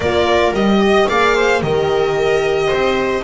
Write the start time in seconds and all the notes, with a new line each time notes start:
0.00 A#3 F4 A#4 D5
0.52 G3 G4 D#5
0.81 D#5
1.08 A#3 G#4 D5 F5
1.35 C5
1.62 D#3 G4 A#4 D#5
2.68 C4 C5